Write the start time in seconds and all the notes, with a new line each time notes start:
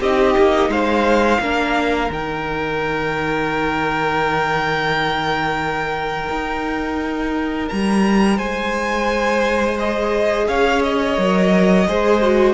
0.00 C4 D#4 G4 D#5
0.38 A#3
0.69 G#3 C5 F5
1.40 A#3 D4 A#4
2.08 D#3 D#4 G5
6.30 D#4
7.68 G3 A#5
8.37 G#3 C5 G#5
9.79 G#4 D#5
10.48 C#4 C#5 F5
10.83 D#5
11.16 F#3 A#4
11.88 G#3 G#4 C5
12.22 F#4